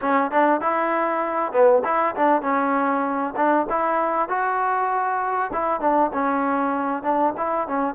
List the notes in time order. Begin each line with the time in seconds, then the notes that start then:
0.01 C#4
0.31 D4
0.60 E4
1.52 B3
1.84 E4
2.15 D4
2.42 C#4
3.36 D4
3.69 E4
4.29 F#4
5.52 E4
5.80 D4
6.13 C#4
7.02 D4
7.37 E4
7.67 C#4